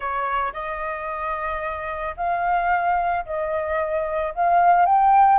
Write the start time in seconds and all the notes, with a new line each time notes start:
0.00 C#5
0.53 D#5
2.16 F5
3.25 D#5
4.35 F5
4.85 G5